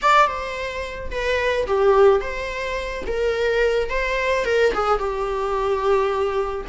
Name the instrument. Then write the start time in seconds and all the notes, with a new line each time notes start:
viola
0.02 D5
0.27 C5
1.10 B4
1.66 G4
2.20 C5
3.06 A#4
3.89 C5
4.44 A#4
4.73 G#4
4.98 G4